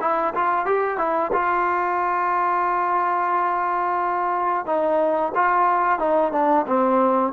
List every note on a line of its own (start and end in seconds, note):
0.00 0.33 E4
0.34 0.65 F4
0.65 0.98 G4
0.98 1.31 E4
1.32 4.65 F4
4.65 5.32 D#4
5.35 5.98 F4
5.98 6.32 D#4
6.32 6.65 D4
6.66 7.32 C4